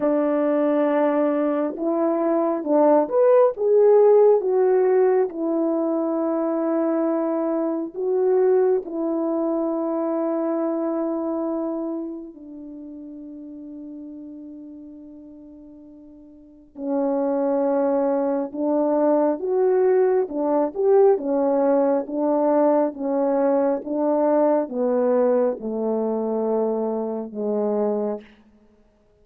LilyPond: \new Staff \with { instrumentName = "horn" } { \time 4/4 \tempo 4 = 68 d'2 e'4 d'8 b'8 | gis'4 fis'4 e'2~ | e'4 fis'4 e'2~ | e'2 d'2~ |
d'2. cis'4~ | cis'4 d'4 fis'4 d'8 g'8 | cis'4 d'4 cis'4 d'4 | b4 a2 gis4 | }